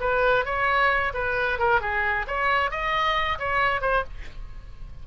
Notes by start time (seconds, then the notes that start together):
0.00 B4
0.45 C#5
1.13 B4
1.59 A#4
1.81 G#4
2.27 C#5
2.70 D#5
3.39 C#5
3.81 C5